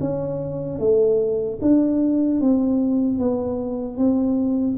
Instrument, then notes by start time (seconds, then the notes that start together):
tuba
0.00 C#4
0.79 A3
1.61 D4
2.41 C4
3.18 B3
3.97 C4